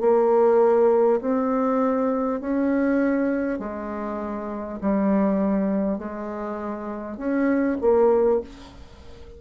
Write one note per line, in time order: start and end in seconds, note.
0.00 1.20 A#3
1.21 2.41 C4
2.41 3.59 C#4
3.59 4.79 G#3
4.81 5.98 G3
5.98 7.17 G#3
7.17 7.77 C#4
7.81 8.41 A#3